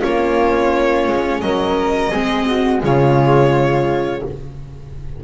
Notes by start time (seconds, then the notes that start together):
0.00 A#3 C#4 F4 C#5
1.08 G#3
1.41 F#3 A#4 D#5
2.10 G#3 C4 G#4
2.46 F#4
2.82 C#3 G#3 F4 C#5